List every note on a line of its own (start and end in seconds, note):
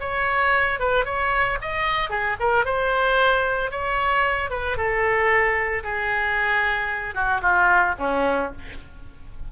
0.00 0.79 C#5
0.79 1.05 B4
1.05 1.58 C#5
1.61 2.10 D#5
2.10 2.36 G#4
2.40 2.65 A#4
2.65 3.71 C5
3.71 4.50 C#5
4.50 4.77 B4
4.77 5.83 A4
5.83 7.14 G#4
7.14 7.41 F#4
7.42 7.95 F4
7.98 8.51 C#4